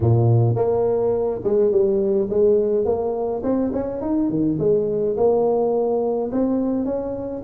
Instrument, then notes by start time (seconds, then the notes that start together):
tuba
0.00 A#2
0.55 A#3
1.44 G#3
1.71 G3
2.30 G#3
2.85 A#3
3.43 C4
3.73 C#4
4.01 D#4
4.29 D#3
4.59 G#3
5.16 A#3
6.32 C4
6.85 C#4